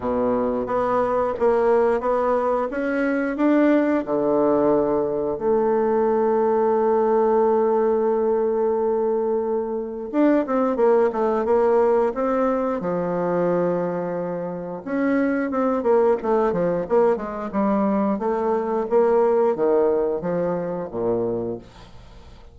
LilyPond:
\new Staff \with { instrumentName = "bassoon" } { \time 4/4 \tempo 4 = 89 b,4 b4 ais4 b4 | cis'4 d'4 d2 | a1~ | a2. d'8 c'8 |
ais8 a8 ais4 c'4 f4~ | f2 cis'4 c'8 ais8 | a8 f8 ais8 gis8 g4 a4 | ais4 dis4 f4 ais,4 | }